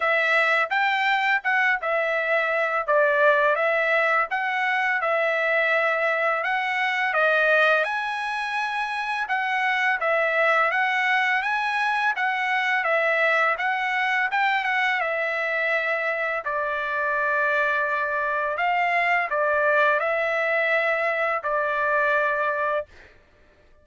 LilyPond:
\new Staff \with { instrumentName = "trumpet" } { \time 4/4 \tempo 4 = 84 e''4 g''4 fis''8 e''4. | d''4 e''4 fis''4 e''4~ | e''4 fis''4 dis''4 gis''4~ | gis''4 fis''4 e''4 fis''4 |
gis''4 fis''4 e''4 fis''4 | g''8 fis''8 e''2 d''4~ | d''2 f''4 d''4 | e''2 d''2 | }